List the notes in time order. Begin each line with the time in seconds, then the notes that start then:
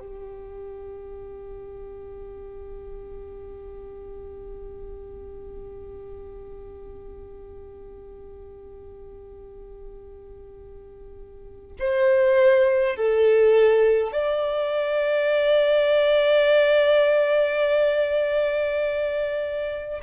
0.00 G4
11.80 C5
12.96 A4
14.12 D5